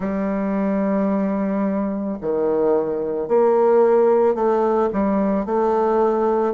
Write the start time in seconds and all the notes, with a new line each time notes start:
0.00 G3
2.21 D#3
3.28 A#3
4.34 A3
4.92 G3
5.45 A3